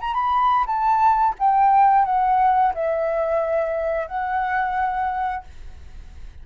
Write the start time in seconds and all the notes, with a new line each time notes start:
0.00 A#5
0.14 B5
0.66 A5
1.39 G5
2.05 F#5
2.74 E5
4.08 F#5